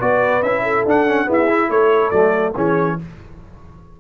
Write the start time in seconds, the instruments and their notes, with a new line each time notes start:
0.00 tuba B3, trombone F#4, horn B4, trumpet D5
0.42 tuba C#4, trombone E4, trumpet E5
0.63 horn A4
0.85 tuba D4, trombone D4, trumpet F#5
1.07 trombone C#4
1.26 trombone B3, tuba E4, horn G#4
1.33 trumpet E5
1.49 trombone E4
1.70 tuba A3, horn A4, trumpet C#5
2.11 tuba F#3, trombone A3, trumpet D5
2.55 tuba E3, trombone C#4, horn G#4, trumpet C#5